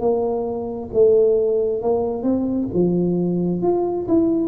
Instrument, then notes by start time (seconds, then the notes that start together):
tuba
0.00 A#3
0.94 A3
1.82 A#3
2.23 C4
2.74 F3
3.62 F4
4.08 E4